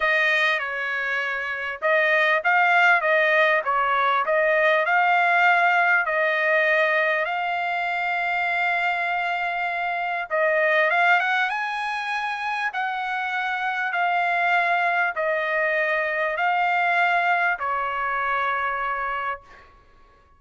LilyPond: \new Staff \with { instrumentName = "trumpet" } { \time 4/4 \tempo 4 = 99 dis''4 cis''2 dis''4 | f''4 dis''4 cis''4 dis''4 | f''2 dis''2 | f''1~ |
f''4 dis''4 f''8 fis''8 gis''4~ | gis''4 fis''2 f''4~ | f''4 dis''2 f''4~ | f''4 cis''2. | }